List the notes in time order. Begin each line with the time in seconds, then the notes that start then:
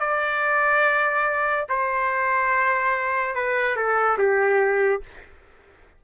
0.00 D5
1.69 C5
3.35 B4
3.77 A4
4.19 G4